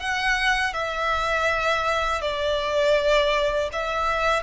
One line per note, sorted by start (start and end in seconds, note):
0.00 0.74 F#5
0.74 2.22 E5
2.22 3.70 D5
3.73 4.43 E5